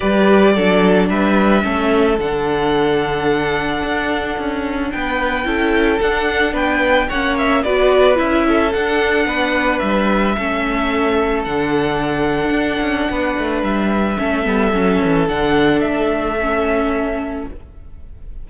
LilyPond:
<<
  \new Staff \with { instrumentName = "violin" } { \time 4/4 \tempo 4 = 110 d''2 e''2 | fis''1~ | fis''4 g''2 fis''4 | g''4 fis''8 e''8 d''4 e''4 |
fis''2 e''2~ | e''4 fis''2.~ | fis''4 e''2. | fis''4 e''2. | }
  \new Staff \with { instrumentName = "violin" } { \time 4/4 b'4 a'4 b'4 a'4~ | a'1~ | a'4 b'4 a'2 | b'4 cis''4 b'4. a'8~ |
a'4 b'2 a'4~ | a'1 | b'2 a'2~ | a'1 | }
  \new Staff \with { instrumentName = "viola" } { \time 4/4 g'4 d'2 cis'4 | d'1~ | d'2 e'4 d'4~ | d'4 cis'4 fis'4 e'4 |
d'2. cis'4~ | cis'4 d'2.~ | d'2 cis'8 b8 cis'4 | d'2 cis'2 | }
  \new Staff \with { instrumentName = "cello" } { \time 4/4 g4 fis4 g4 a4 | d2. d'4 | cis'4 b4 cis'4 d'4 | b4 ais4 b4 cis'4 |
d'4 b4 g4 a4~ | a4 d2 d'8 cis'8 | b8 a8 g4 a8 g8 fis8 e8 | d4 a2. | }
>>